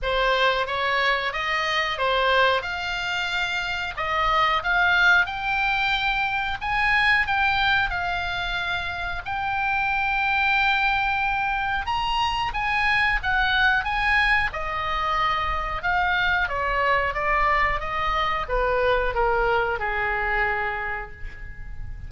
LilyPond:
\new Staff \with { instrumentName = "oboe" } { \time 4/4 \tempo 4 = 91 c''4 cis''4 dis''4 c''4 | f''2 dis''4 f''4 | g''2 gis''4 g''4 | f''2 g''2~ |
g''2 ais''4 gis''4 | fis''4 gis''4 dis''2 | f''4 cis''4 d''4 dis''4 | b'4 ais'4 gis'2 | }